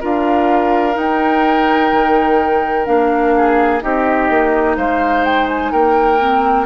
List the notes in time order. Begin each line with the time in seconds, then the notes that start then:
0.00 D4 F4 A#4 F5
0.93 D#4 G5
1.92 D#3
2.85 A#3 D4 F5
3.37 G#4
3.80 C4 D#4 G4 D#5
4.29 A#3
4.77 G#3 C5 F5
5.24 G5
5.48 G#5
5.72 A#3 A#4 G5
6.19 C4